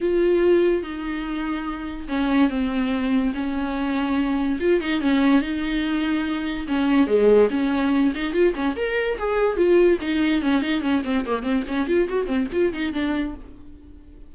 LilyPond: \new Staff \with { instrumentName = "viola" } { \time 4/4 \tempo 4 = 144 f'2 dis'2~ | dis'4 cis'4 c'2 | cis'2. f'8 dis'8 | cis'4 dis'2. |
cis'4 gis4 cis'4. dis'8 | f'8 cis'8 ais'4 gis'4 f'4 | dis'4 cis'8 dis'8 cis'8 c'8 ais8 c'8 | cis'8 f'8 fis'8 c'8 f'8 dis'8 d'4 | }